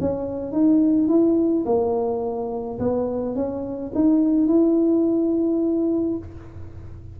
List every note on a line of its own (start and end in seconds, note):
0.00 0.51 C#4
0.51 1.08 D#4
1.08 1.64 E4
1.65 2.79 A#3
2.79 3.35 B3
3.35 3.92 C#4
3.94 4.47 D#4
4.47 6.17 E4